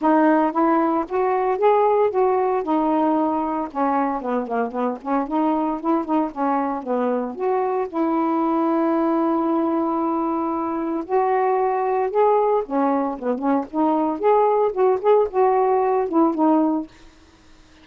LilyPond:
\new Staff \with { instrumentName = "saxophone" } { \time 4/4 \tempo 4 = 114 dis'4 e'4 fis'4 gis'4 | fis'4 dis'2 cis'4 | b8 ais8 b8 cis'8 dis'4 e'8 dis'8 | cis'4 b4 fis'4 e'4~ |
e'1~ | e'4 fis'2 gis'4 | cis'4 b8 cis'8 dis'4 gis'4 | fis'8 gis'8 fis'4. e'8 dis'4 | }